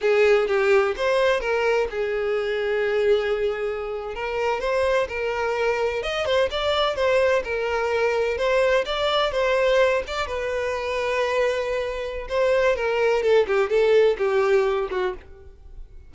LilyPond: \new Staff \with { instrumentName = "violin" } { \time 4/4 \tempo 4 = 127 gis'4 g'4 c''4 ais'4 | gis'1~ | gis'8. ais'4 c''4 ais'4~ ais'16~ | ais'8. dis''8 c''8 d''4 c''4 ais'16~ |
ais'4.~ ais'16 c''4 d''4 c''16~ | c''4~ c''16 d''8 b'2~ b'16~ | b'2 c''4 ais'4 | a'8 g'8 a'4 g'4. fis'8 | }